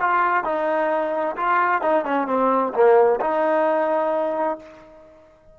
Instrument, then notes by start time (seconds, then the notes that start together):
trombone
0.00 F4
0.44 D#4
1.37 F4
1.82 D#4
2.05 C#4
2.27 C4
2.74 A#3
3.21 D#4